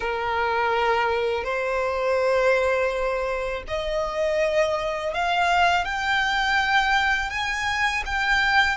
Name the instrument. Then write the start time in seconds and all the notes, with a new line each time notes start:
violin
0.00 A#4
1.43 C5
3.67 D#5
5.14 F5
5.84 G5
7.30 G#5
8.05 G5